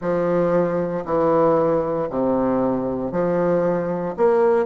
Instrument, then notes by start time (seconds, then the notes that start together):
bassoon
0.00 F3
1.05 E3
2.09 C3
3.11 F3
4.17 A#3